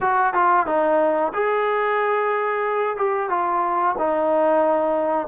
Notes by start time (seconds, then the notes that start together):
0.01 F#4
0.33 F4
0.66 D#4
1.33 G#4
2.97 G4
3.29 F4
3.98 D#4